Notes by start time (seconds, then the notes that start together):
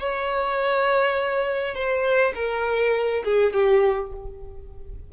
0.00 C#5
1.75 C5
2.36 A#4
3.24 G#4
3.53 G4